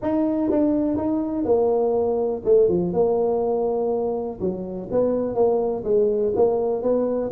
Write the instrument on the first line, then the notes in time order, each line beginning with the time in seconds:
tuba
0.01 D#4
0.50 D4
0.97 D#4
1.44 A#3
2.45 A3
2.68 F3
2.93 A#3
4.40 F#3
4.91 B3
5.35 A#3
5.84 G#3
6.35 A#3
6.82 B3